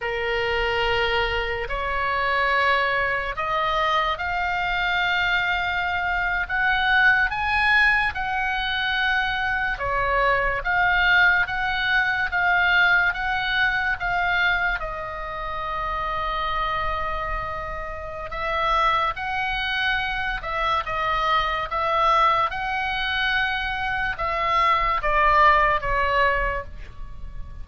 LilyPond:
\new Staff \with { instrumentName = "oboe" } { \time 4/4 \tempo 4 = 72 ais'2 cis''2 | dis''4 f''2~ f''8. fis''16~ | fis''8. gis''4 fis''2 cis''16~ | cis''8. f''4 fis''4 f''4 fis''16~ |
fis''8. f''4 dis''2~ dis''16~ | dis''2 e''4 fis''4~ | fis''8 e''8 dis''4 e''4 fis''4~ | fis''4 e''4 d''4 cis''4 | }